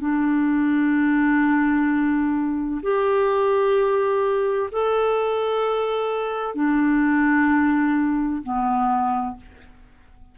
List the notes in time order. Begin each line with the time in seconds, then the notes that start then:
0.00 D4
2.82 G4
4.71 A4
6.55 D4
8.42 B3